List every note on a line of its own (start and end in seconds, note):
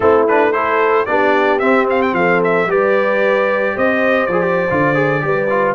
0.00 1.05 A3
0.00 0.27 C4
0.00 0.53 E4
0.00 0.26 A4
0.27 0.53 D4
0.27 0.52 B4
0.52 1.06 E4
0.52 1.08 A4
0.52 1.05 C5
1.05 1.61 B3
1.05 1.60 D4
1.05 2.16 G4
1.05 1.59 D5
1.59 2.67 C4
1.59 2.12 C4
1.59 1.85 E5
1.90 2.01 F5
2.01 2.14 G5
2.12 2.66 F3
2.12 2.70 A4
2.12 2.41 F5
2.44 2.70 E5
2.66 3.73 G3
2.66 4.29 G4
2.66 3.75 B4
2.66 3.77 D5
3.75 4.27 C4
3.75 5.22 C5
3.75 4.26 D#5
4.26 4.68 F3
4.26 4.41 G#4
4.26 5.73 D5
4.41 4.67 G4
4.70 5.23 D3
4.70 4.94 F4
4.94 5.20 G#4
5.20 5.74 G3
5.20 5.47 G4
5.20 5.74 B4
5.49 5.74 F4